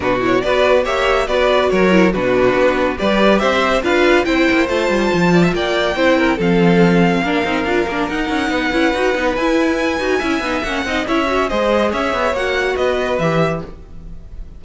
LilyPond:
<<
  \new Staff \with { instrumentName = "violin" } { \time 4/4 \tempo 4 = 141 b'8 cis''8 d''4 e''4 d''4 | cis''4 b'2 d''4 | e''4 f''4 g''4 a''4~ | a''4 g''2 f''4~ |
f''2. fis''4~ | fis''2 gis''2~ | gis''4 fis''4 e''4 dis''4 | e''4 fis''4 dis''4 e''4 | }
  \new Staff \with { instrumentName = "violin" } { \time 4/4 fis'4 b'4 cis''4 b'4 | ais'4 fis'2 b'4 | c''4 b'4 c''2~ | c''8 d''16 e''16 d''4 c''8 ais'8 a'4~ |
a'4 ais'2. | b'1 | e''4. dis''8 cis''4 c''4 | cis''2 b'2 | }
  \new Staff \with { instrumentName = "viola" } { \time 4/4 d'8 e'8 fis'4 g'4 fis'4~ | fis'8 e'8 d'2 g'4~ | g'4 f'4 e'4 f'4~ | f'2 e'4 c'4~ |
c'4 d'8 dis'8 f'8 d'8 dis'4~ | dis'8 e'8 fis'8 dis'8 e'4. fis'8 | e'8 dis'8 cis'8 dis'8 e'8 fis'8 gis'4~ | gis'4 fis'2 g'4 | }
  \new Staff \with { instrumentName = "cello" } { \time 4/4 b,4 b4 ais4 b4 | fis4 b,4 b4 g4 | c'4 d'4 c'8 ais8 a8 g8 | f4 ais4 c'4 f4~ |
f4 ais8 c'8 d'8 ais8 dis'8 cis'8 | b8 cis'8 dis'8 b8 e'4. dis'8 | cis'8 b8 ais8 c'8 cis'4 gis4 | cis'8 b8 ais4 b4 e4 | }
>>